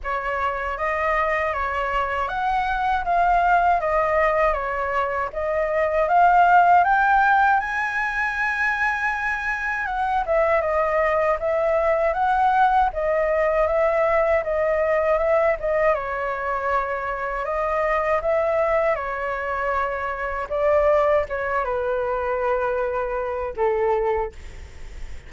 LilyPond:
\new Staff \with { instrumentName = "flute" } { \time 4/4 \tempo 4 = 79 cis''4 dis''4 cis''4 fis''4 | f''4 dis''4 cis''4 dis''4 | f''4 g''4 gis''2~ | gis''4 fis''8 e''8 dis''4 e''4 |
fis''4 dis''4 e''4 dis''4 | e''8 dis''8 cis''2 dis''4 | e''4 cis''2 d''4 | cis''8 b'2~ b'8 a'4 | }